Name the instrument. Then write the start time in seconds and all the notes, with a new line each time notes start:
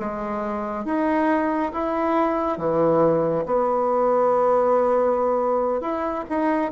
bassoon
0.00 G#3
0.86 D#4
1.73 E4
2.58 E3
3.46 B3
5.81 E4
6.30 D#4